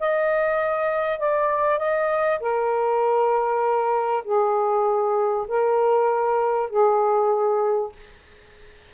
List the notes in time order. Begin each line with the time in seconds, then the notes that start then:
0.00 D#5
1.19 D5
1.79 D#5
2.40 A#4
4.24 G#4
5.48 A#4
6.70 G#4